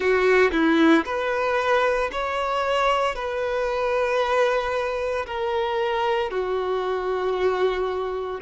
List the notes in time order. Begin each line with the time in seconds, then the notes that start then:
0.00 F#4
0.51 E4
1.05 B4
2.11 C#5
3.15 B4
5.26 A#4
6.30 F#4